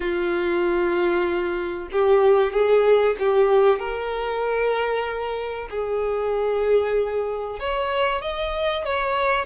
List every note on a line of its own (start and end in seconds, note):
0.00 1.88 F4
1.91 2.52 G4
2.52 3.16 G#4
3.19 3.79 G4
3.79 5.68 A#4
5.70 7.59 G#4
7.59 8.21 C#5
8.21 8.84 D#5
8.84 9.45 C#5